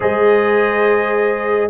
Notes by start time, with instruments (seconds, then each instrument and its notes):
0.00 tuba G#3, trombone G#4, horn C5, trumpet D#5